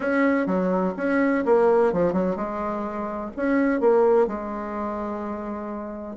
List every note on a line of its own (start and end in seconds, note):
0.00 0.46 C#4
0.46 0.94 F#3
0.97 1.44 C#4
1.45 1.92 A#3
1.92 2.13 F3
2.13 2.35 F#3
2.35 3.31 G#3
3.36 3.80 C#4
3.80 4.27 A#3
4.27 6.16 G#3